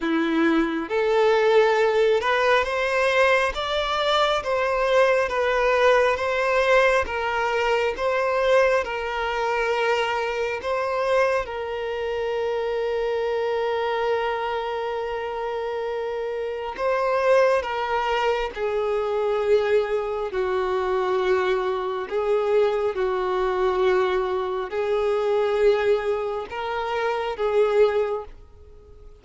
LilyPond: \new Staff \with { instrumentName = "violin" } { \time 4/4 \tempo 4 = 68 e'4 a'4. b'8 c''4 | d''4 c''4 b'4 c''4 | ais'4 c''4 ais'2 | c''4 ais'2.~ |
ais'2. c''4 | ais'4 gis'2 fis'4~ | fis'4 gis'4 fis'2 | gis'2 ais'4 gis'4 | }